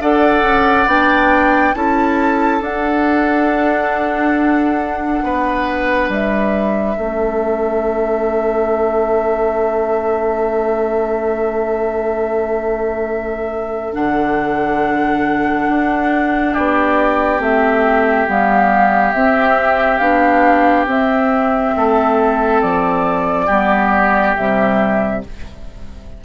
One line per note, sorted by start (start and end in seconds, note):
0.00 0.42 D4
0.00 0.87 A4
0.00 1.75 D5
0.00 0.88 F#5
0.42 0.86 C#4
0.87 1.74 B3
0.87 1.74 D4
0.87 1.74 G5
1.74 2.61 C#4
1.74 2.61 E4
1.74 5.24 A4
1.74 2.61 A5
2.61 5.22 D4
2.61 6.97 D4
2.61 6.11 F#5
5.23 6.09 B3
5.23 6.97 B4
6.09 6.96 G3
6.09 13.94 E5
6.97 13.93 A3
6.97 13.93 C#4
6.97 16.53 A4
13.93 15.68 D3
13.93 17.39 D4
13.93 16.53 F#5
15.68 16.55 D4
16.53 17.39 B3
16.53 21.74 G4
16.53 17.40 D5
17.39 18.26 A3
17.39 18.26 C4
17.39 18.29 E5
18.28 19.13 G3
18.28 19.14 B3
18.28 19.13 F5
19.13 19.99 C4
19.13 20.01 C4
19.13 19.98 E5
19.98 20.86 B3
19.98 20.87 D4
19.98 20.85 F5
20.86 21.72 C4
20.86 23.48 C4
20.86 22.62 E5
21.76 22.62 A3
21.76 23.46 A4
22.62 23.48 F3
22.62 24.36 D5
23.46 24.35 G3
23.46 24.37 B3
23.46 25.20 G4
24.36 25.24 C3
24.36 25.24 G3
24.36 25.23 E5